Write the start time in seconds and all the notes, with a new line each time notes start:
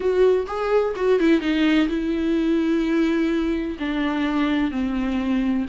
0.00 F#4
0.47 G#4
0.96 F#4
1.19 E4
1.40 D#4
1.88 E4
3.79 D4
4.71 C4